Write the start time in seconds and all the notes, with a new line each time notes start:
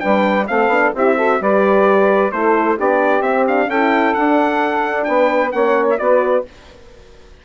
0.00 G3 D4 B4 G5
0.47 A3 C4 A4 F5
0.68 B3 D4
0.95 C4 E4 G4 E5
1.16 F#4 A4
1.40 G3 G4 B4 D5
2.32 A3 E4 A4 C5
2.76 B3 D4 G4 D5
3.21 C4 E5
3.48 D4 F5
3.68 C#4 E4 A4 G5
4.14 D4 F#5
5.04 B3 B4 G5
5.52 A#3 C#4 C#5 F#5
5.90 E5
5.99 B3 F#4 B4 D5